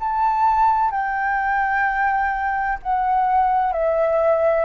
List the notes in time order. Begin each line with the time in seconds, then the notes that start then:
0.00 A5
0.91 G5
2.83 F#5
3.72 E5